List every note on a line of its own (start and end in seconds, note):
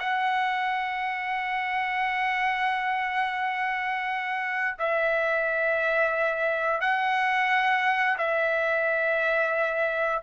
0.00 4.77 F#5
4.79 6.81 E5
6.81 8.17 F#5
8.18 10.22 E5